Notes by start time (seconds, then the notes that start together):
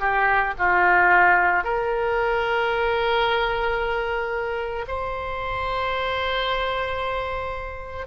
0.00 G4
0.58 F4
1.64 A#4
4.87 C5